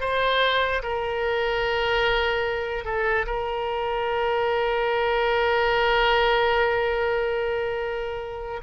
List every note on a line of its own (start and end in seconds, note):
0.00 0.82 C5
0.83 2.85 A#4
2.85 3.26 A4
3.26 8.60 A#4